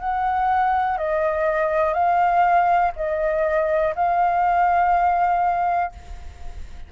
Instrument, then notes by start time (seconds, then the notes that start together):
flute
0.00 F#5
0.98 D#5
1.94 F5
2.96 D#5
3.96 F5